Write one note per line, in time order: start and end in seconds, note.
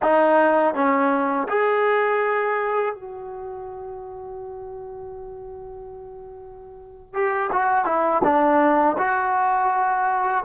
0.02 0.74 D#4
0.74 1.47 C#4
1.48 2.94 G#4
2.94 7.13 F#4
7.13 7.50 G4
7.52 7.85 F#4
7.85 8.22 E4
8.23 8.96 D4
8.97 10.44 F#4